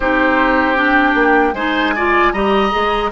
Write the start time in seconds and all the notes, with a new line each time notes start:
0.00 C4 D#4 G4 C5
0.75 D4 G5
1.14 A#3
1.53 G#3 D#4 C5 G#5
1.95 F4 D5
2.32 G3 G4 D#5 A#5
2.70 G#3 G#4